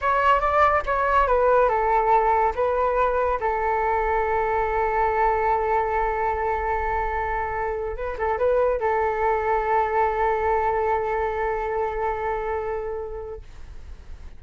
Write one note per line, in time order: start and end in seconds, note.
0.01 0.40 C#5
0.40 0.82 D5
0.86 1.27 C#5
1.27 1.69 B4
1.69 2.53 A4
2.55 3.39 B4
3.40 7.96 A4
7.96 8.17 B4
8.18 8.38 A4
8.38 8.80 B4
8.80 13.41 A4